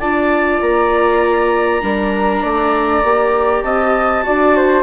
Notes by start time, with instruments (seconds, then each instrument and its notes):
0.00 bassoon D4, viola F4, flute D5, clarinet A5
0.61 bassoon A#3, clarinet A#5
1.81 bassoon G3, viola D4, flute A#4
2.43 bassoon A3, flute D5
3.04 bassoon A#3, viola G4
3.63 bassoon C4, flute D#5, clarinet A5
4.24 bassoon D4, viola F#4, flute D5
4.56 flute C5